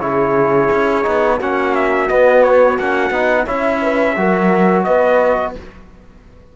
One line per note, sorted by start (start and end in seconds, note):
0.00 0.70 C#3
0.00 1.03 E4
0.00 1.38 G#4
0.00 1.38 C#5
0.71 1.06 C#4
1.03 1.41 B3
1.03 1.38 D#4
1.38 2.10 A#3
1.38 2.09 C#4
1.38 3.45 F#4
1.38 1.75 F#5
1.75 2.09 E5
2.09 2.78 B3
2.09 2.79 B3
2.09 2.43 D#5
2.43 2.78 C#5
2.79 3.10 A#3
2.79 3.13 C#4
2.79 3.48 F#5
3.10 3.45 B3
3.10 3.47 D#4
3.45 4.17 C#4
3.45 4.16 E4
3.45 3.79 C#5
3.45 4.84 E5
3.82 4.17 B4
4.17 4.86 F#3
4.17 5.55 F#4
4.17 4.87 A#4
4.84 5.56 B3
4.84 5.56 B4
4.84 5.53 D#5